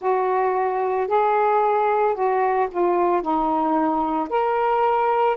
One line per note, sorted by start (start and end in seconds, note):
0.00 1.07 F#4
1.07 2.14 G#4
2.14 2.67 F#4
2.71 3.21 F4
3.21 4.29 D#4
4.29 5.36 A#4